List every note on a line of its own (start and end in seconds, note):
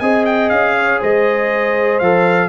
0.00 0.51 C4
0.00 2.03 G#4
0.00 0.75 D#5
0.00 0.25 G#5
0.26 0.50 G5
0.50 1.01 C#4
0.50 1.00 F5
0.77 1.00 C#5
1.00 2.01 G#3
1.00 2.49 C5
1.00 1.99 D#5
1.99 2.49 F3
1.99 2.49 A4
1.99 2.49 F5